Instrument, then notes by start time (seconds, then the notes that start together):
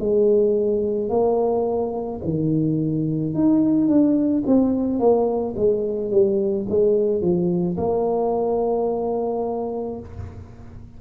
tuba
0.00 G#3
1.10 A#3
2.25 D#3
3.34 D#4
3.88 D4
4.47 C4
4.99 A#3
5.57 G#3
6.12 G3
6.69 G#3
7.22 F3
7.78 A#3